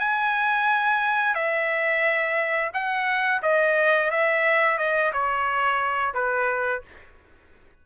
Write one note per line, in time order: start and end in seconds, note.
0.00 1.35 G#5
1.35 2.72 E5
2.74 3.42 F#5
3.43 4.11 D#5
4.11 4.79 E5
4.79 5.13 D#5
5.14 6.15 C#5
6.15 6.83 B4